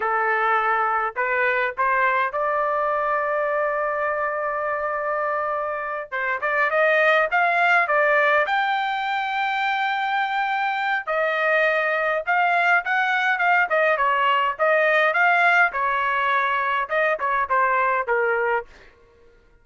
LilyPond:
\new Staff \with { instrumentName = "trumpet" } { \time 4/4 \tempo 4 = 103 a'2 b'4 c''4 | d''1~ | d''2~ d''8 c''8 d''8 dis''8~ | dis''8 f''4 d''4 g''4.~ |
g''2. dis''4~ | dis''4 f''4 fis''4 f''8 dis''8 | cis''4 dis''4 f''4 cis''4~ | cis''4 dis''8 cis''8 c''4 ais'4 | }